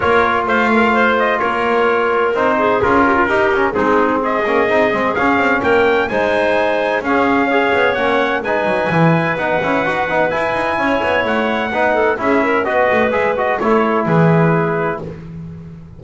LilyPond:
<<
  \new Staff \with { instrumentName = "trumpet" } { \time 4/4 \tempo 4 = 128 cis''4 f''4. dis''8 cis''4~ | cis''4 c''4 ais'2 | gis'4 dis''2 f''4 | g''4 gis''2 f''4~ |
f''4 fis''4 gis''2 | fis''2 gis''2 | fis''2 e''4 dis''4 | e''8 dis''8 cis''4 b'2 | }
  \new Staff \with { instrumentName = "clarinet" } { \time 4/4 ais'4 c''8 ais'8 c''4 ais'4~ | ais'4. gis'4 g'16 f'16 g'4 | dis'4 gis'2. | ais'4 c''2 gis'4 |
cis''2 b'2~ | b'2. cis''4~ | cis''4 b'8 a'8 gis'8 ais'8 b'4~ | b'4 a'4 gis'2 | }
  \new Staff \with { instrumentName = "trombone" } { \time 4/4 f'1~ | f'4 dis'4 f'4 dis'8 cis'8 | c'4. cis'8 dis'8 c'8 cis'4~ | cis'4 dis'2 cis'4 |
gis'4 cis'4 dis'4 e'4 | dis'8 e'8 fis'8 dis'8 e'2~ | e'4 dis'4 e'4 fis'4 | gis'8 fis'8 e'2. | }
  \new Staff \with { instrumentName = "double bass" } { \time 4/4 ais4 a2 ais4~ | ais4 c'4 cis'4 dis'4 | gis4. ais8 c'8 gis8 cis'8 c'8 | ais4 gis2 cis'4~ |
cis'8 b8 ais4 gis8 fis8 e4 | b8 cis'8 dis'8 b8 e'8 dis'8 cis'8 b8 | a4 b4 cis'4 b8 a8 | gis4 a4 e2 | }
>>